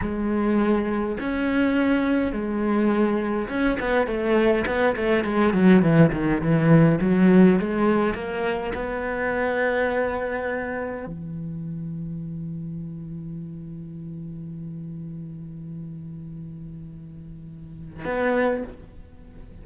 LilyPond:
\new Staff \with { instrumentName = "cello" } { \time 4/4 \tempo 4 = 103 gis2 cis'2 | gis2 cis'8 b8 a4 | b8 a8 gis8 fis8 e8 dis8 e4 | fis4 gis4 ais4 b4~ |
b2. e4~ | e1~ | e1~ | e2. b4 | }